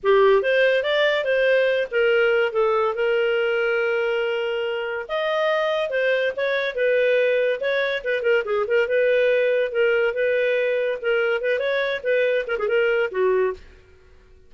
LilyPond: \new Staff \with { instrumentName = "clarinet" } { \time 4/4 \tempo 4 = 142 g'4 c''4 d''4 c''4~ | c''8 ais'4. a'4 ais'4~ | ais'1 | dis''2 c''4 cis''4 |
b'2 cis''4 b'8 ais'8 | gis'8 ais'8 b'2 ais'4 | b'2 ais'4 b'8 cis''8~ | cis''8 b'4 ais'16 gis'16 ais'4 fis'4 | }